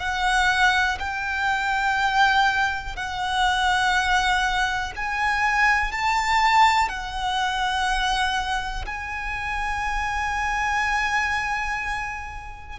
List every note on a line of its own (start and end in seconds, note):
0.00 0.98 F#5
1.00 2.96 G5
2.96 4.93 F#5
4.96 5.92 G#5
5.92 6.89 A5
6.89 8.86 F#5
8.86 12.80 G#5